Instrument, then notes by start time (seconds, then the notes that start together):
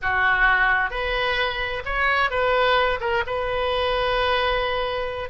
oboe
0.02 F#4
0.90 B4
1.85 C#5
2.30 B4
3.00 A#4
3.26 B4